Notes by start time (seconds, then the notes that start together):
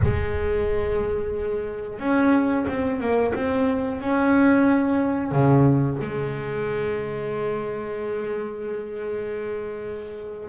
0.03 G#3
1.98 C#4
2.68 C4
3.00 A#3
3.34 C4
4.00 C#4
5.31 C#3
6.01 G#3